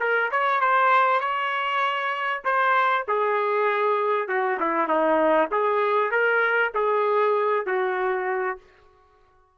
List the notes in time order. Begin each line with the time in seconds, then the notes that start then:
0.00 A#4
0.31 C#5
0.61 C5
1.21 C#5
2.45 C5
3.08 G#4
4.28 F#4
4.60 E4
4.88 D#4
5.51 G#4
6.11 A#4
6.75 G#4
7.66 F#4